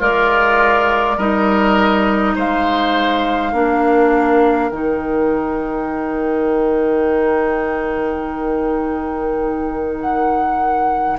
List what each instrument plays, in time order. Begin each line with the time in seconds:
0.00 bassoon G#3, oboe F4, clarinet A#4, flute D5
1.17 bassoon G3, clarinet D#4, oboe A#4, flute D#5
2.36 bassoon G#3, oboe C5, flute F5
3.52 bassoon A#3, clarinet D4, oboe A#4
4.71 bassoon D#3, clarinet D#4, flute G5
10.00 flute F#5